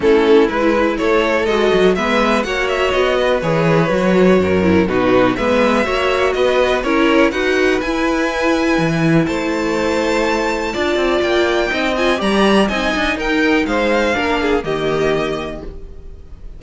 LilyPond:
<<
  \new Staff \with { instrumentName = "violin" } { \time 4/4 \tempo 4 = 123 a'4 b'4 cis''4 dis''4 | e''4 fis''8 e''8 dis''4 cis''4~ | cis''2 b'4 e''4~ | e''4 dis''4 cis''4 fis''4 |
gis''2. a''4~ | a''2. g''4~ | g''8 gis''8 ais''4 gis''4 g''4 | f''2 dis''2 | }
  \new Staff \with { instrumentName = "violin" } { \time 4/4 e'2 a'2 | b'4 cis''4. b'4.~ | b'4 ais'4 fis'4 b'4 | cis''4 b'4 ais'4 b'4~ |
b'2. c''4~ | c''2 d''2 | dis''4 d''4 dis''4 ais'4 | c''4 ais'8 gis'8 g'2 | }
  \new Staff \with { instrumentName = "viola" } { \time 4/4 cis'4 e'2 fis'4 | b4 fis'2 gis'4 | fis'4. e'8 dis'4 b4 | fis'2 e'4 fis'4 |
e'1~ | e'2 f'2 | dis'8 f'8 g'4 dis'2~ | dis'4 d'4 ais2 | }
  \new Staff \with { instrumentName = "cello" } { \time 4/4 a4 gis4 a4 gis8 fis8 | gis4 ais4 b4 e4 | fis4 fis,4 b,4 gis4 | ais4 b4 cis'4 dis'4 |
e'2 e4 a4~ | a2 d'8 c'8 ais4 | c'4 g4 c'8 d'8 dis'4 | gis4 ais4 dis2 | }
>>